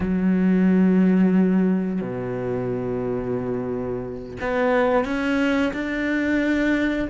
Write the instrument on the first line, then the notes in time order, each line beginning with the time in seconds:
cello
0.00 F#3
2.01 B2
4.40 B3
5.04 C#4
5.73 D4